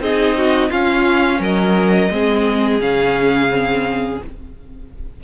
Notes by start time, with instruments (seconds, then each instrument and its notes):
0.00 cello C4, viola D#4, violin G#4 D#5
0.37 violin F#4
0.70 viola C#4, cello C#4, violin F4 F5
1.40 cello F#3, violin A#4 D#5
2.11 cello G#3, viola C4, violin G#4
2.80 cello C#3, viola C#4, violin F5
3.48 viola C4